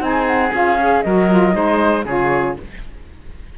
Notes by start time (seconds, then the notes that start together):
0.00 C4 D#4 G#5
0.06 G#4
0.27 F#5
0.53 C#4 F4 F5
0.81 G#4
1.02 F#3 F#4 A#4 D#5
1.30 F4
1.53 G#3 D#4 C5
2.05 C#3 F4 G#4 C#5